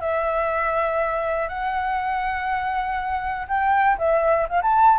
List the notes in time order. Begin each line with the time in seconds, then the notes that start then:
0.00 E5
1.48 F#5
3.47 G5
3.98 E5
4.49 F5
4.62 A5